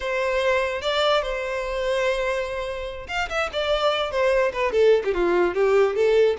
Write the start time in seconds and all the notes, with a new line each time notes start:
0.00 C5
0.81 D5
1.22 C5
3.08 F5
3.29 E5
3.52 D5
4.11 C5
4.52 B4
4.71 A4
5.04 G4
5.14 F4
5.54 G4
5.95 A4